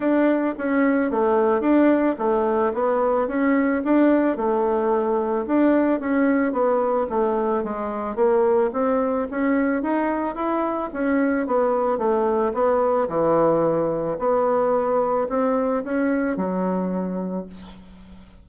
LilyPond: \new Staff \with { instrumentName = "bassoon" } { \time 4/4 \tempo 4 = 110 d'4 cis'4 a4 d'4 | a4 b4 cis'4 d'4 | a2 d'4 cis'4 | b4 a4 gis4 ais4 |
c'4 cis'4 dis'4 e'4 | cis'4 b4 a4 b4 | e2 b2 | c'4 cis'4 fis2 | }